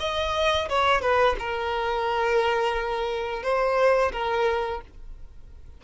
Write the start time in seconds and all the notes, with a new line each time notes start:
0.00 D#5
0.69 C#5
1.02 B4
1.39 A#4
3.43 C5
4.13 A#4